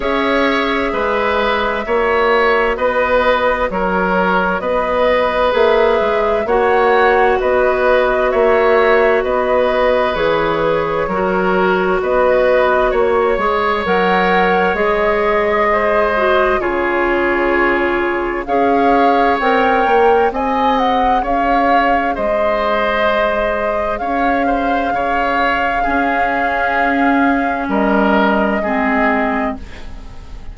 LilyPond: <<
  \new Staff \with { instrumentName = "flute" } { \time 4/4 \tempo 4 = 65 e''2. dis''4 | cis''4 dis''4 e''4 fis''4 | dis''4 e''4 dis''4 cis''4~ | cis''4 dis''4 cis''4 fis''4 |
dis''2 cis''2 | f''4 g''4 gis''8 fis''8 f''4 | dis''2 f''2~ | f''2 dis''2 | }
  \new Staff \with { instrumentName = "oboe" } { \time 4/4 cis''4 b'4 cis''4 b'4 | ais'4 b'2 cis''4 | b'4 cis''4 b'2 | ais'4 b'4 cis''2~ |
cis''4 c''4 gis'2 | cis''2 dis''4 cis''4 | c''2 cis''8 c''8 cis''4 | gis'2 ais'4 gis'4 | }
  \new Staff \with { instrumentName = "clarinet" } { \time 4/4 gis'2 fis'2~ | fis'2 gis'4 fis'4~ | fis'2. gis'4 | fis'2~ fis'8 gis'8 ais'4 |
gis'4. fis'8 f'2 | gis'4 ais'4 gis'2~ | gis'1 | cis'2. c'4 | }
  \new Staff \with { instrumentName = "bassoon" } { \time 4/4 cis'4 gis4 ais4 b4 | fis4 b4 ais8 gis8 ais4 | b4 ais4 b4 e4 | fis4 b4 ais8 gis8 fis4 |
gis2 cis2 | cis'4 c'8 ais8 c'4 cis'4 | gis2 cis'4 cis4 | cis'2 g4 gis4 | }
>>